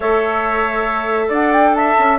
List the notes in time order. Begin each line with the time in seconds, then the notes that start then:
0.00 A3 A4 C#5 E5
1.28 D4 D5 F#5
1.53 G5
1.74 E5 A5
1.98 C#4